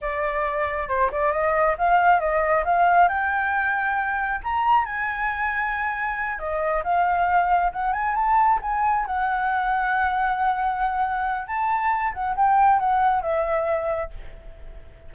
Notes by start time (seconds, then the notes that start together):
0.01 D5
0.88 C5
1.11 D5
1.32 D#5
1.78 F5
2.20 D#5
2.64 F5
3.08 G5
4.43 A#5
4.85 G#5
6.39 D#5
6.83 F5
7.72 F#5
7.92 G#5
8.15 A5
8.61 G#5
9.06 F#5
11.47 A5
12.13 F#5
12.36 G5
12.79 F#5
13.22 E5